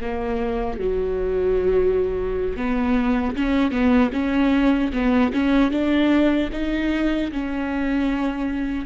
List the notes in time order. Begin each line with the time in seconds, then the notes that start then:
0.00 A#3
0.79 F#3
2.56 B3
3.35 C#4
3.71 B3
4.12 C#4
4.92 B3
5.33 C#4
5.71 D4
6.52 D#4
7.31 C#4